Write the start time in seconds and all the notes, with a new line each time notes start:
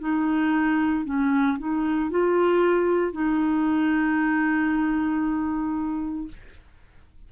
0.00 D#4
1.05 C#4
1.58 D#4
2.11 F4
3.12 D#4